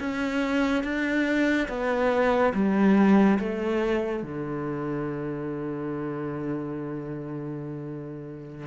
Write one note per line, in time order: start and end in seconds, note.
0.00 0.84 C#4
0.84 1.68 D4
1.69 2.53 B3
2.54 3.39 G3
3.40 4.23 A3
4.23 8.67 D3